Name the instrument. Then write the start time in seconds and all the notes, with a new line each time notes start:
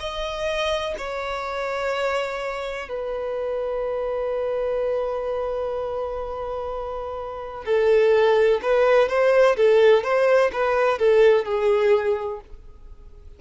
violin
0.00 D#5
0.98 C#5
2.89 B4
7.65 A4
8.62 B4
9.09 C5
9.57 A4
10.03 C5
10.53 B4
10.99 A4
11.45 G#4